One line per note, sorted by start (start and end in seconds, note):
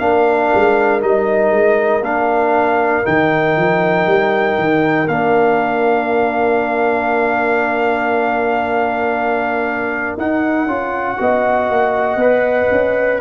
0.00 0.51 A#3
0.00 1.01 D4
0.00 11.20 A#4
0.00 1.02 F5
0.55 1.03 G#3
1.01 1.51 G3
1.01 2.03 D#4
1.01 2.04 D#5
1.51 2.02 G#3
2.02 3.03 A#3
2.02 3.04 D4
2.02 3.06 F5
3.04 3.57 D#3
3.04 5.07 D#4
3.04 5.08 G5
3.57 4.07 F3
4.07 4.57 G3
4.59 5.08 D#3
5.08 10.17 A#3
5.08 10.19 D4
5.08 10.17 F5
10.18 10.67 D#4
10.18 10.68 D#4
10.18 13.22 F#5
10.67 11.18 C#4
10.67 11.18 F4
11.18 11.71 B3
11.18 12.19 F#4
11.18 13.22 D#5
11.71 12.17 A#3
12.17 12.68 B3
12.17 13.22 B4
12.72 13.22 C#4